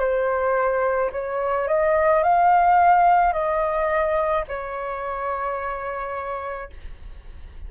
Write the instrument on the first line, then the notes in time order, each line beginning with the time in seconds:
flute
0.00 C5
1.12 C#5
1.68 D#5
2.23 F5
3.33 D#5
4.48 C#5